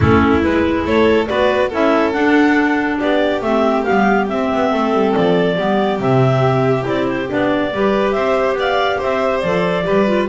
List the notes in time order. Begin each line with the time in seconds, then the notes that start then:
0.00 A3 C#4 E4 A4
0.41 G#3 E4 B4
0.85 A3 A4 C#5
1.27 B3 F#4 B4 D5
1.69 C#4 E4 A4 E5
2.12 D4 F#5
2.99 B3 G4 D5
3.41 A3 C4 E5
3.84 G3 B3 F5
4.27 C4 E5
4.53 B3
4.71 A3 A4
4.93 G3
5.14 F3 D5
5.56 G3 B3 G4
5.99 C3 C4 E5
6.82 C4 E4 D5
7.07 C5
7.28 B3 D4 D5
7.73 G3 G4 B4
8.11 C4 C5 E5
8.53 B3 D5
8.60 F5
8.98 C4 C5 E5
9.39 F3 A4 D5
9.83 G3 G4 B4
10.06 F4